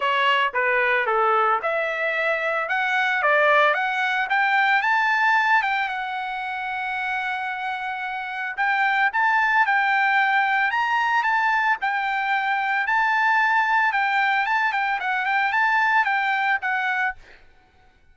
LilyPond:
\new Staff \with { instrumentName = "trumpet" } { \time 4/4 \tempo 4 = 112 cis''4 b'4 a'4 e''4~ | e''4 fis''4 d''4 fis''4 | g''4 a''4. g''8 fis''4~ | fis''1 |
g''4 a''4 g''2 | ais''4 a''4 g''2 | a''2 g''4 a''8 g''8 | fis''8 g''8 a''4 g''4 fis''4 | }